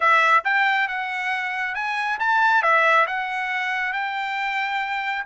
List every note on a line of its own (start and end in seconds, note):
0.00 0.44 E5
0.44 0.88 G5
0.88 1.74 F#5
1.74 2.18 G#5
2.19 2.62 A5
2.62 3.06 E5
3.06 3.92 F#5
3.92 5.24 G5